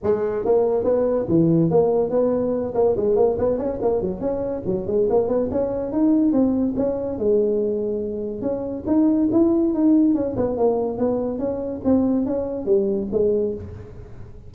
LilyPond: \new Staff \with { instrumentName = "tuba" } { \time 4/4 \tempo 4 = 142 gis4 ais4 b4 e4 | ais4 b4. ais8 gis8 ais8 | b8 cis'8 ais8 fis8 cis'4 fis8 gis8 | ais8 b8 cis'4 dis'4 c'4 |
cis'4 gis2. | cis'4 dis'4 e'4 dis'4 | cis'8 b8 ais4 b4 cis'4 | c'4 cis'4 g4 gis4 | }